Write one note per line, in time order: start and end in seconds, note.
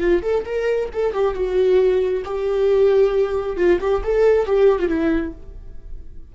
0.00 0.22 F4
0.22 0.45 A4
0.45 0.90 A#4
0.93 1.13 A4
1.13 1.35 G4
1.35 2.23 F#4
2.25 3.57 G4
3.57 3.79 F4
3.80 4.03 G4
4.04 4.46 A4
4.46 4.79 G4
4.79 4.88 F4
4.88 5.33 E4